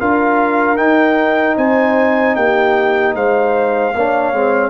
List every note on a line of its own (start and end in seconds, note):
0.00 0.78 D4
0.00 0.77 F4
0.00 1.57 A#4
0.00 0.77 F5
0.77 3.93 D#4
0.77 1.57 D#4
0.77 1.56 G5
1.57 2.36 C4
1.57 2.36 C5
1.57 2.36 G#5
2.36 3.15 A#3
2.36 3.16 G4
2.36 3.15 G5
3.15 3.94 G#3
3.15 3.95 C5
3.15 4.71 F5
3.95 4.33 A#3
3.95 4.34 D4
3.95 4.71 C#5
4.33 4.71 G#3
4.33 4.71 C4